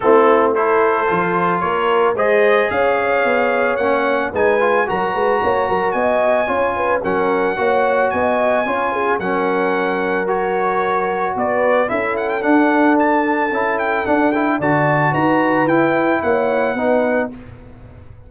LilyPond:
<<
  \new Staff \with { instrumentName = "trumpet" } { \time 4/4 \tempo 4 = 111 a'4 c''2 cis''4 | dis''4 f''2 fis''4 | gis''4 ais''2 gis''4~ | gis''4 fis''2 gis''4~ |
gis''4 fis''2 cis''4~ | cis''4 d''4 e''8 fis''16 g''16 fis''4 | a''4. g''8 fis''8 g''8 a''4 | ais''4 g''4 fis''2 | }
  \new Staff \with { instrumentName = "horn" } { \time 4/4 e'4 a'2 ais'4 | c''4 cis''2. | b'4 ais'8 b'8 cis''8 ais'8 dis''4 | cis''8 b'8 ais'4 cis''4 dis''4 |
cis''8 gis'8 ais'2.~ | ais'4 b'4 a'2~ | a'2. d''4 | b'2 cis''4 b'4 | }
  \new Staff \with { instrumentName = "trombone" } { \time 4/4 c'4 e'4 f'2 | gis'2. cis'4 | dis'8 f'8 fis'2. | f'4 cis'4 fis'2 |
f'4 cis'2 fis'4~ | fis'2 e'4 d'4~ | d'4 e'4 d'8 e'8 fis'4~ | fis'4 e'2 dis'4 | }
  \new Staff \with { instrumentName = "tuba" } { \time 4/4 a2 f4 ais4 | gis4 cis'4 b4 ais4 | gis4 fis8 gis8 ais8 fis8 b4 | cis'4 fis4 ais4 b4 |
cis'4 fis2.~ | fis4 b4 cis'4 d'4~ | d'4 cis'4 d'4 d4 | dis'4 e'4 ais4 b4 | }
>>